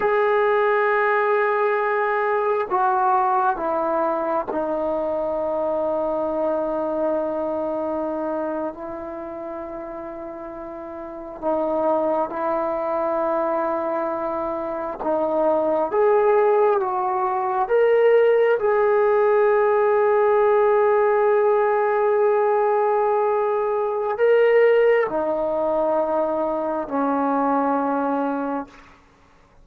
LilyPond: \new Staff \with { instrumentName = "trombone" } { \time 4/4 \tempo 4 = 67 gis'2. fis'4 | e'4 dis'2.~ | dis'4.~ dis'16 e'2~ e'16~ | e'8. dis'4 e'2~ e'16~ |
e'8. dis'4 gis'4 fis'4 ais'16~ | ais'8. gis'2.~ gis'16~ | gis'2. ais'4 | dis'2 cis'2 | }